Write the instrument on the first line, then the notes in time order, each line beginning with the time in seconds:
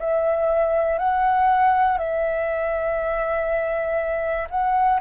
flute
0.00 E5
0.99 F#5
1.98 E5
4.50 F#5